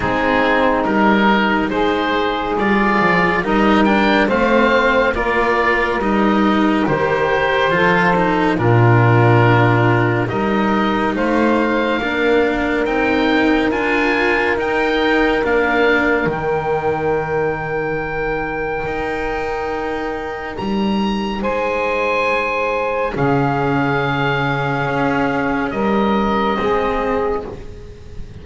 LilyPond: <<
  \new Staff \with { instrumentName = "oboe" } { \time 4/4 \tempo 4 = 70 gis'4 ais'4 c''4 d''4 | dis''8 g''8 f''4 d''4 dis''4 | c''2 ais'2 | dis''4 f''2 g''4 |
gis''4 g''4 f''4 g''4~ | g''1 | ais''4 gis''2 f''4~ | f''2 dis''2 | }
  \new Staff \with { instrumentName = "saxophone" } { \time 4/4 dis'2 gis'2 | ais'4 c''4 ais'2~ | ais'4 a'4 f'2 | ais'4 c''4 ais'2~ |
ais'1~ | ais'1~ | ais'4 c''2 gis'4~ | gis'2 ais'4 gis'4 | }
  \new Staff \with { instrumentName = "cello" } { \time 4/4 c'4 dis'2 f'4 | dis'8 d'8 c'4 f'4 dis'4 | g'4 f'8 dis'8 d'2 | dis'2 d'4 dis'4 |
f'4 dis'4 d'4 dis'4~ | dis'1~ | dis'2. cis'4~ | cis'2. c'4 | }
  \new Staff \with { instrumentName = "double bass" } { \time 4/4 gis4 g4 gis4 g8 f8 | g4 a4 ais4 g4 | dis4 f4 ais,2 | g4 a4 ais4 c'4 |
d'4 dis'4 ais4 dis4~ | dis2 dis'2 | g4 gis2 cis4~ | cis4 cis'4 g4 gis4 | }
>>